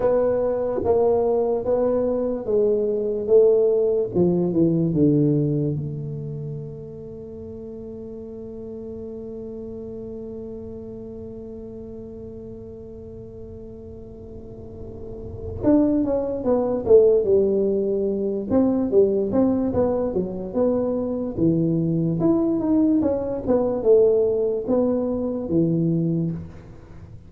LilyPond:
\new Staff \with { instrumentName = "tuba" } { \time 4/4 \tempo 4 = 73 b4 ais4 b4 gis4 | a4 f8 e8 d4 a4~ | a1~ | a1~ |
a2. d'8 cis'8 | b8 a8 g4. c'8 g8 c'8 | b8 fis8 b4 e4 e'8 dis'8 | cis'8 b8 a4 b4 e4 | }